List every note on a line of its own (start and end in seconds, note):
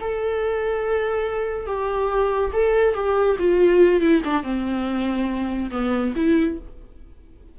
0.00 1.66 A4
1.66 2.51 G4
2.53 2.94 A4
2.94 3.36 G4
3.39 4.00 F4
4.00 4.21 E4
4.24 4.42 D4
4.42 5.70 C4
5.70 6.13 B3
6.15 6.58 E4